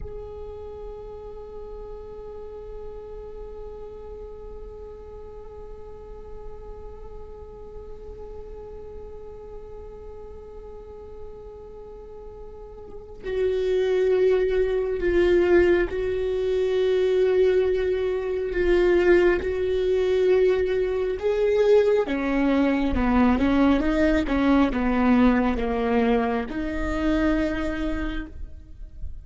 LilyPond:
\new Staff \with { instrumentName = "viola" } { \time 4/4 \tempo 4 = 68 gis'1~ | gis'1~ | gis'1~ | gis'2. fis'4~ |
fis'4 f'4 fis'2~ | fis'4 f'4 fis'2 | gis'4 cis'4 b8 cis'8 dis'8 cis'8 | b4 ais4 dis'2 | }